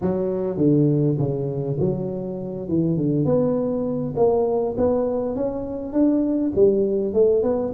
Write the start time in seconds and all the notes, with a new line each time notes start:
0.01 F#3
0.57 D3
1.18 C#3
1.79 F#3
2.68 E3
2.96 D3
3.25 B3
4.16 A#3
4.77 B3
5.35 C#4
5.92 D4
6.55 G3
7.13 A3
7.42 B3